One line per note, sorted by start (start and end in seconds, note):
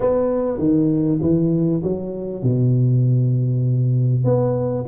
0.00 0.58 B3
0.58 1.19 D#3
1.21 1.82 E3
1.83 2.42 F#3
2.42 4.24 B2
4.24 4.85 B3